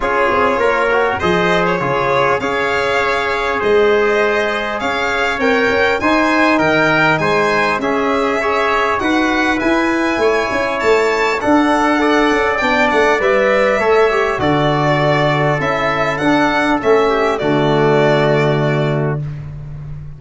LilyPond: <<
  \new Staff \with { instrumentName = "violin" } { \time 4/4 \tempo 4 = 100 cis''2 dis''8. cis''4~ cis''16 | f''2 dis''2 | f''4 g''4 gis''4 g''4 | gis''4 e''2 fis''4 |
gis''2 a''4 fis''4~ | fis''4 g''8 fis''8 e''2 | d''2 e''4 fis''4 | e''4 d''2. | }
  \new Staff \with { instrumentName = "trumpet" } { \time 4/4 gis'4 ais'4 c''4 gis'4 | cis''2 c''2 | cis''2 c''4 ais'4 | c''4 gis'4 cis''4 b'4~ |
b'4 cis''2 a'4 | d''2. cis''4 | a'1~ | a'8 g'8 fis'2. | }
  \new Staff \with { instrumentName = "trombone" } { \time 4/4 f'4. fis'8 gis'4 f'4 | gis'1~ | gis'4 ais'4 dis'2~ | dis'4 cis'4 gis'4 fis'4 |
e'2. d'4 | a'4 d'4 b'4 a'8 g'8 | fis'2 e'4 d'4 | cis'4 a2. | }
  \new Staff \with { instrumentName = "tuba" } { \time 4/4 cis'8 c'8 ais4 f4 cis4 | cis'2 gis2 | cis'4 c'8 cis'8 dis'4 dis4 | gis4 cis'2 dis'4 |
e'4 a8 cis'8 a4 d'4~ | d'8 cis'8 b8 a8 g4 a4 | d2 cis'4 d'4 | a4 d2. | }
>>